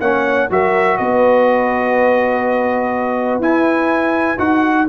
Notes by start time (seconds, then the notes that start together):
0.00 A#3 C#4 C#5 F#5
0.50 F#3 F#4 A#4 E5
0.97 B3 B4 D#5
3.39 E4 G#5
4.37 D#4 F#4 F#5